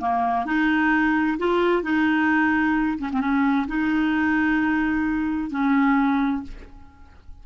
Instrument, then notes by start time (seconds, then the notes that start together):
clarinet
0.00 A#3
0.46 D#4
1.39 F4
1.83 D#4
2.99 C#4
3.12 C4
3.21 C#4
3.68 D#4
5.51 C#4